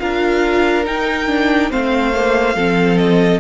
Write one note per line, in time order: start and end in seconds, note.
0.00 0.87 D4
0.00 0.85 F4
0.00 1.71 A#4
0.00 0.86 F5
0.85 1.28 D#4
0.85 1.72 D#4
0.85 1.72 G5
1.28 1.71 D4
1.71 2.56 A3
1.71 2.14 C4
1.71 2.56 C5
1.71 2.98 F5
2.14 2.57 A#3
2.56 3.41 F3
2.56 3.41 C4
2.56 3.41 A4
2.98 3.41 D#5